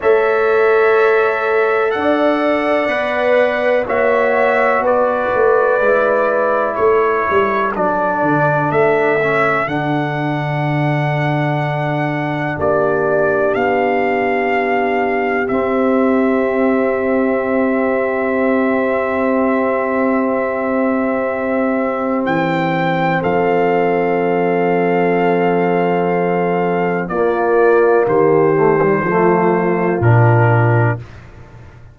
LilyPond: <<
  \new Staff \with { instrumentName = "trumpet" } { \time 4/4 \tempo 4 = 62 e''2 fis''2 | e''4 d''2 cis''4 | d''4 e''4 fis''2~ | fis''4 d''4 f''2 |
e''1~ | e''2. g''4 | f''1 | d''4 c''2 ais'4 | }
  \new Staff \with { instrumentName = "horn" } { \time 4/4 cis''2 d''2 | cis''4 b'2 a'4~ | a'1~ | a'4 g'2.~ |
g'1~ | g'1 | a'1 | f'4 g'4 f'2 | }
  \new Staff \with { instrumentName = "trombone" } { \time 4/4 a'2. b'4 | fis'2 e'2 | d'4. cis'8 d'2~ | d'1 |
c'1~ | c'1~ | c'1 | ais4. a16 g16 a4 d'4 | }
  \new Staff \with { instrumentName = "tuba" } { \time 4/4 a2 d'4 b4 | ais4 b8 a8 gis4 a8 g8 | fis8 d8 a4 d2~ | d4 ais4 b2 |
c'1~ | c'2. e4 | f1 | ais4 dis4 f4 ais,4 | }
>>